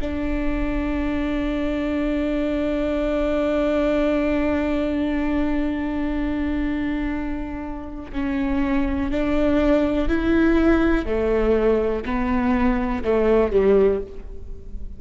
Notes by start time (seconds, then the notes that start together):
0.00 D4
8.12 C#4
9.11 D4
10.08 E4
11.05 A3
12.05 B3
13.04 A3
13.52 G3